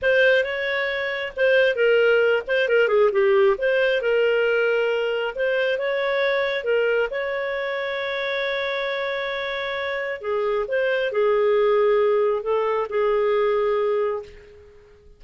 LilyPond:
\new Staff \with { instrumentName = "clarinet" } { \time 4/4 \tempo 4 = 135 c''4 cis''2 c''4 | ais'4. c''8 ais'8 gis'8 g'4 | c''4 ais'2. | c''4 cis''2 ais'4 |
cis''1~ | cis''2. gis'4 | c''4 gis'2. | a'4 gis'2. | }